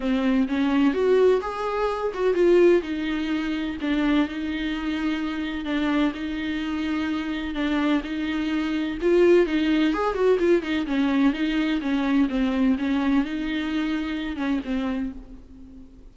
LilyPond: \new Staff \with { instrumentName = "viola" } { \time 4/4 \tempo 4 = 127 c'4 cis'4 fis'4 gis'4~ | gis'8 fis'8 f'4 dis'2 | d'4 dis'2. | d'4 dis'2. |
d'4 dis'2 f'4 | dis'4 gis'8 fis'8 f'8 dis'8 cis'4 | dis'4 cis'4 c'4 cis'4 | dis'2~ dis'8 cis'8 c'4 | }